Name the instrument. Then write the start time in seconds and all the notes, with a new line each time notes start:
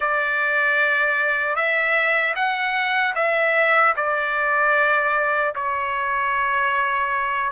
trumpet
0.00 D5
1.55 E5
2.35 F#5
3.15 E5
3.96 D5
5.55 C#5